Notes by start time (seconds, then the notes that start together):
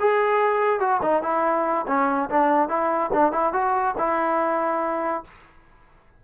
0.00 G#4
0.80 F#4
1.02 D#4
1.23 E4
1.88 C#4
2.30 D4
2.69 E4
3.14 D4
3.32 E4
3.53 F#4
3.98 E4